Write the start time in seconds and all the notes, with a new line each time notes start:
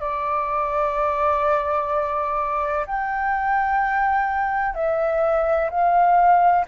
0.00 D5
2.86 G5
4.74 E5
5.70 F5